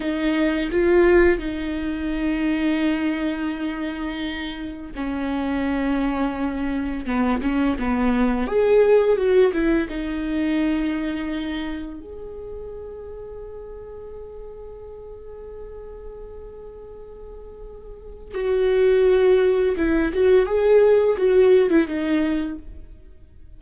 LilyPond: \new Staff \with { instrumentName = "viola" } { \time 4/4 \tempo 4 = 85 dis'4 f'4 dis'2~ | dis'2. cis'4~ | cis'2 b8 cis'8 b4 | gis'4 fis'8 e'8 dis'2~ |
dis'4 gis'2.~ | gis'1~ | gis'2 fis'2 | e'8 fis'8 gis'4 fis'8. e'16 dis'4 | }